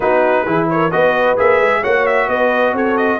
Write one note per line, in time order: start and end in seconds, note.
0.00 0.46 B3
0.00 0.46 D#4
0.00 0.47 F#4
0.00 0.67 B4
0.46 0.91 E3
0.46 0.91 E4
0.46 0.71 G#4
0.70 0.94 A#4
0.70 0.91 C#5
0.91 1.38 B3
0.91 1.37 F#4
0.91 1.80 B4
0.91 1.36 D#5
1.37 1.61 A#3
1.37 1.83 G#4
1.37 1.83 E5
1.61 1.84 G#3
1.80 2.27 A#3
1.80 3.19 F#4
1.80 2.26 C#5
1.80 2.06 F#5
2.06 2.29 E5
2.27 2.72 B3
2.27 2.74 B4
2.27 2.75 D#5
2.72 3.18 C4
2.72 3.19 A4
2.72 2.97 C#5
2.97 3.19 D#5